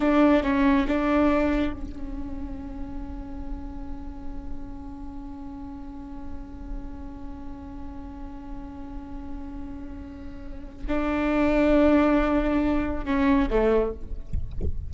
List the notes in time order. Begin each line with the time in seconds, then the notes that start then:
0.00 D4
0.43 C#4
0.87 D4
1.73 C#4
10.88 D4
13.05 C#4
13.50 A3